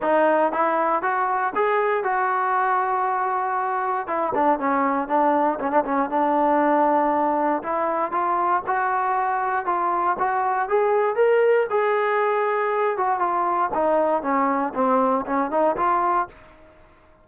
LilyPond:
\new Staff \with { instrumentName = "trombone" } { \time 4/4 \tempo 4 = 118 dis'4 e'4 fis'4 gis'4 | fis'1 | e'8 d'8 cis'4 d'4 cis'16 d'16 cis'8 | d'2. e'4 |
f'4 fis'2 f'4 | fis'4 gis'4 ais'4 gis'4~ | gis'4. fis'8 f'4 dis'4 | cis'4 c'4 cis'8 dis'8 f'4 | }